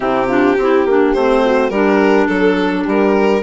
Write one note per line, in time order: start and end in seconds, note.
0.00 0.57 C3
0.00 0.28 C4
0.00 0.27 E4
0.00 1.12 G4
0.27 0.57 D4
0.27 0.56 F4
0.57 0.85 C4
0.57 0.88 E4
0.57 1.44 G4
0.85 1.14 A#3
0.85 1.17 D4
1.13 1.70 A3
1.13 1.72 C4
1.13 1.70 C5
1.44 1.71 F#4
1.70 2.27 G3
1.70 3.42 D4
1.70 2.28 G4
1.70 2.27 A#4
2.27 2.85 F#3
2.27 2.84 A4
2.84 3.42 G3
2.84 3.41 G4
2.84 3.42 A#4